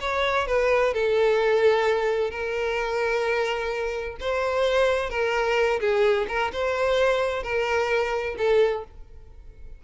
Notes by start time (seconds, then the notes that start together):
0.00 C#5
0.47 B4
0.93 A4
2.30 A#4
4.20 C5
5.10 A#4
5.80 G#4
6.28 A#4
6.52 C5
7.43 A#4
8.38 A4